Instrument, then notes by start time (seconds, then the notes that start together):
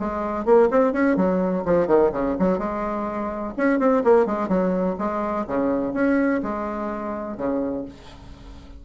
bassoon
0.00 G#3
0.45 A#3
0.71 C4
0.93 C#4
1.17 F#3
1.65 F3
1.87 D#3
2.13 C#3
2.39 F#3
2.58 G#3
3.57 C#4
3.79 C4
4.04 A#3
4.26 G#3
4.48 F#3
4.99 G#3
5.48 C#3
5.94 C#4
6.43 G#3
7.37 C#3